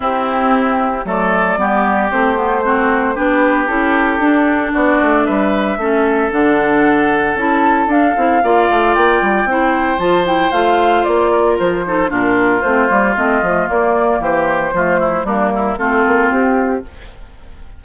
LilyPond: <<
  \new Staff \with { instrumentName = "flute" } { \time 4/4 \tempo 4 = 114 g'2 d''2 | c''2 b'4 a'4~ | a'4 d''4 e''2 | fis''2 a''4 f''4~ |
f''4 g''2 a''8 g''8 | f''4 d''4 c''4 ais'4 | c''4 dis''4 d''4 c''4~ | c''4 ais'4 a'4 g'4 | }
  \new Staff \with { instrumentName = "oboe" } { \time 4/4 e'2 a'4 g'4~ | g'4 fis'4 g'2~ | g'4 fis'4 b'4 a'4~ | a'1 |
d''2 c''2~ | c''4. ais'4 a'8 f'4~ | f'2. g'4 | f'8 e'8 d'8 e'8 f'2 | }
  \new Staff \with { instrumentName = "clarinet" } { \time 4/4 c'2 a4 b4 | c'8 b8 c'4 d'4 e'4 | d'2. cis'4 | d'2 e'4 d'8 e'8 |
f'2 e'4 f'8 e'8 | f'2~ f'8 dis'8 d'4 | c'8 ais8 c'8 a8 ais2 | a4 ais4 c'2 | }
  \new Staff \with { instrumentName = "bassoon" } { \time 4/4 c'2 fis4 g4 | a2 b4 cis'4 | d'4 b8 a8 g4 a4 | d2 cis'4 d'8 c'8 |
ais8 a8 ais8 g8 c'4 f4 | a4 ais4 f4 ais,4 | a8 g8 a8 f8 ais4 e4 | f4 g4 a8 ais8 c'4 | }
>>